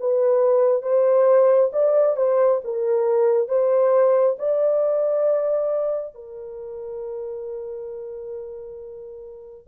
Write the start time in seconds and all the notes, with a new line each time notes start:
0.00 B4
0.83 C5
1.73 D5
2.17 C5
2.64 A#4
3.49 C5
4.39 D5
6.15 A#4